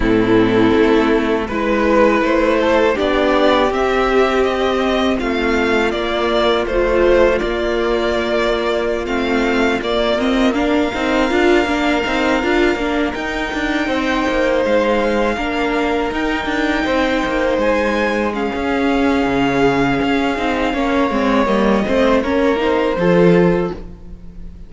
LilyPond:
<<
  \new Staff \with { instrumentName = "violin" } { \time 4/4 \tempo 4 = 81 a'2 b'4 c''4 | d''4 e''4 dis''4 f''4 | d''4 c''4 d''2~ | d''16 f''4 d''8 dis''8 f''4.~ f''16~ |
f''4.~ f''16 g''2 f''16~ | f''4.~ f''16 g''2 gis''16~ | gis''8. f''2.~ f''16~ | f''4 dis''4 cis''8 c''4. | }
  \new Staff \with { instrumentName = "violin" } { \time 4/4 e'2 b'4. a'8 | g'2. f'4~ | f'1~ | f'2~ f'16 ais'4.~ ais'16~ |
ais'2~ ais'8. c''4~ c''16~ | c''8. ais'2 c''4~ c''16~ | c''8. gis'2.~ gis'16 | cis''4. c''8 ais'4 a'4 | }
  \new Staff \with { instrumentName = "viola" } { \time 4/4 c'2 e'2 | d'4 c'2. | ais4 f4 ais2~ | ais16 c'4 ais8 c'8 d'8 dis'8 f'8 d'16~ |
d'16 dis'8 f'8 d'8 dis'2~ dis'16~ | dis'8. d'4 dis'2~ dis'16~ | dis'8. cis'2~ cis'8. dis'8 | cis'8 c'8 ais8 c'8 cis'8 dis'8 f'4 | }
  \new Staff \with { instrumentName = "cello" } { \time 4/4 a,4 a4 gis4 a4 | b4 c'2 a4 | ais4 a4 ais2~ | ais16 a4 ais4. c'8 d'8 ais16~ |
ais16 c'8 d'8 ais8 dis'8 d'8 c'8 ais8 gis16~ | gis8. ais4 dis'8 d'8 c'8 ais8 gis16~ | gis4 cis'4 cis4 cis'8 c'8 | ais8 gis8 g8 a8 ais4 f4 | }
>>